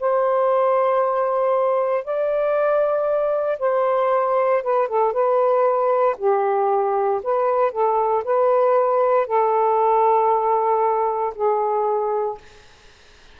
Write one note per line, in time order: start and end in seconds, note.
0.00 2.04 C5
2.04 3.59 D5
3.59 4.63 C5
4.63 4.88 B4
4.88 5.13 A4
5.13 6.16 B4
6.17 7.21 G4
7.23 7.72 B4
7.72 8.23 A4
8.24 9.26 B4
9.26 11.33 A4
11.35 12.38 G#4